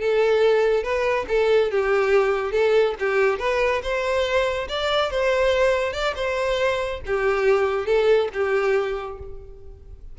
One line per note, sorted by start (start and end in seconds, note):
0.00 0.83 A4
0.83 1.26 B4
1.28 1.71 A4
1.71 2.52 G4
2.52 2.94 A4
2.99 3.39 G4
3.39 3.81 B4
3.82 4.68 C5
4.68 5.10 D5
5.10 5.92 C5
5.92 6.14 D5
6.15 7.00 C5
7.06 7.86 G4
7.86 8.28 A4
8.33 9.18 G4